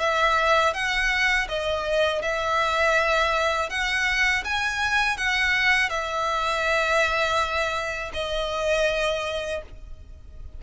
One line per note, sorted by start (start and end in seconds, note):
0.00 0.74 E5
0.74 1.48 F#5
1.48 2.22 D#5
2.22 3.70 E5
3.70 4.44 F#5
4.45 5.17 G#5
5.17 5.90 F#5
5.90 8.12 E5
8.14 9.62 D#5